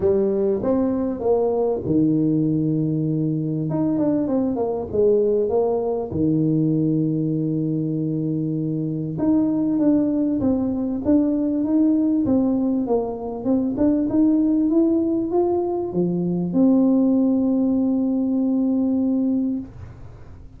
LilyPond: \new Staff \with { instrumentName = "tuba" } { \time 4/4 \tempo 4 = 98 g4 c'4 ais4 dis4~ | dis2 dis'8 d'8 c'8 ais8 | gis4 ais4 dis2~ | dis2. dis'4 |
d'4 c'4 d'4 dis'4 | c'4 ais4 c'8 d'8 dis'4 | e'4 f'4 f4 c'4~ | c'1 | }